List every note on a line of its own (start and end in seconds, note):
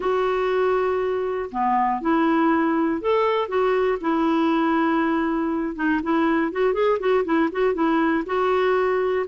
0.00 1.50 F#4
1.51 2.01 B3
2.01 3.01 E4
3.01 3.48 A4
3.48 3.98 F#4
4.00 5.75 E4
5.75 6.00 D#4
6.02 6.52 E4
6.52 6.73 F#4
6.73 6.98 G#4
6.99 7.24 F#4
7.24 7.49 E4
7.52 7.73 F#4
7.73 8.23 E4
8.25 9.25 F#4